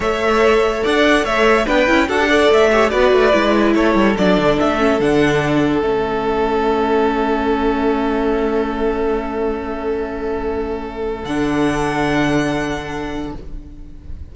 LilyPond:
<<
  \new Staff \with { instrumentName = "violin" } { \time 4/4 \tempo 4 = 144 e''2 fis''4 e''4 | g''4 fis''4 e''4 d''4~ | d''4 cis''4 d''4 e''4 | fis''2 e''2~ |
e''1~ | e''1~ | e''2. fis''4~ | fis''1 | }
  \new Staff \with { instrumentName = "violin" } { \time 4/4 cis''2 d''4 cis''4 | b'4 a'8 d''4 cis''8 b'4~ | b'4 a'2.~ | a'1~ |
a'1~ | a'1~ | a'1~ | a'1 | }
  \new Staff \with { instrumentName = "viola" } { \time 4/4 a'1 | d'8 e'8 fis'16 g'16 a'4 g'8 fis'4 | e'2 d'4. cis'8 | d'2 cis'2~ |
cis'1~ | cis'1~ | cis'2. d'4~ | d'1 | }
  \new Staff \with { instrumentName = "cello" } { \time 4/4 a2 d'4 a4 | b8 cis'8 d'4 a4 b8 a8 | gis4 a8 g8 fis8 d8 a4 | d2 a2~ |
a1~ | a1~ | a2. d4~ | d1 | }
>>